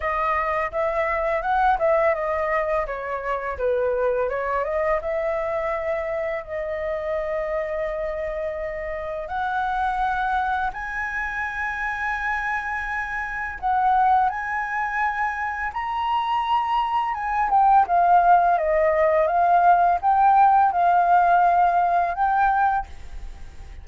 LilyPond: \new Staff \with { instrumentName = "flute" } { \time 4/4 \tempo 4 = 84 dis''4 e''4 fis''8 e''8 dis''4 | cis''4 b'4 cis''8 dis''8 e''4~ | e''4 dis''2.~ | dis''4 fis''2 gis''4~ |
gis''2. fis''4 | gis''2 ais''2 | gis''8 g''8 f''4 dis''4 f''4 | g''4 f''2 g''4 | }